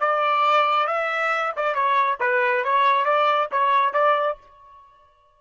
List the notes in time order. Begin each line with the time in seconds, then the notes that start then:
0.00 D5
0.87 E5
1.56 D5
1.75 C#5
2.20 B4
2.64 C#5
3.05 D5
3.52 C#5
3.94 D5